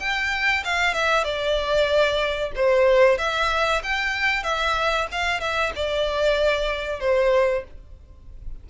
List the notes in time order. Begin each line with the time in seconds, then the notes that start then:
0.00 G5
0.65 F5
0.94 E5
1.24 D5
2.56 C5
3.19 E5
3.84 G5
4.44 E5
5.12 F5
5.41 E5
5.76 D5
7.01 C5